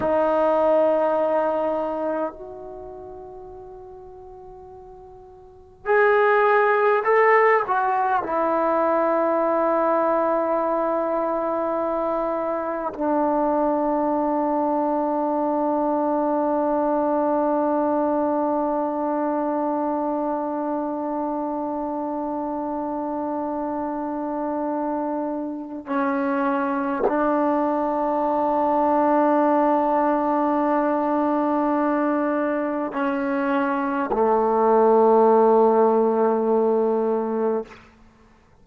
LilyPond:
\new Staff \with { instrumentName = "trombone" } { \time 4/4 \tempo 4 = 51 dis'2 fis'2~ | fis'4 gis'4 a'8 fis'8 e'4~ | e'2. d'4~ | d'1~ |
d'1~ | d'2 cis'4 d'4~ | d'1 | cis'4 a2. | }